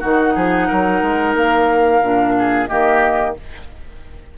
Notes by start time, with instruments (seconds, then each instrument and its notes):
0.00 bassoon D#3, clarinet D#4, oboe F#4, flute F#5
0.36 bassoon F3, oboe G#4
0.68 bassoon F#3, oboe A#4
1.02 bassoon G#3
1.36 bassoon A#3, flute F5
2.02 bassoon A#2, clarinet D4
2.39 oboe G#4
2.67 bassoon D#3, clarinet A#3, oboe G4, flute D#5